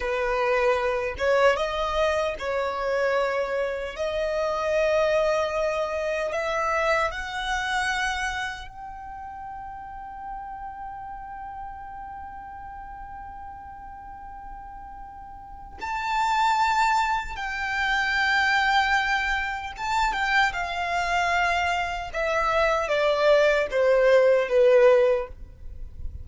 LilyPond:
\new Staff \with { instrumentName = "violin" } { \time 4/4 \tempo 4 = 76 b'4. cis''8 dis''4 cis''4~ | cis''4 dis''2. | e''4 fis''2 g''4~ | g''1~ |
g''1 | a''2 g''2~ | g''4 a''8 g''8 f''2 | e''4 d''4 c''4 b'4 | }